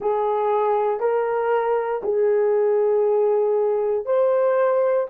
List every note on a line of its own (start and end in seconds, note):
0.00 0.99 G#4
0.99 2.01 A#4
2.03 4.05 G#4
4.05 5.07 C5